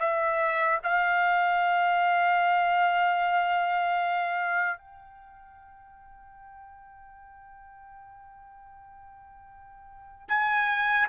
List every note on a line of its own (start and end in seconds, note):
0.00 0.79 E5
0.84 4.78 F5
4.78 10.29 G5
10.29 11.08 G#5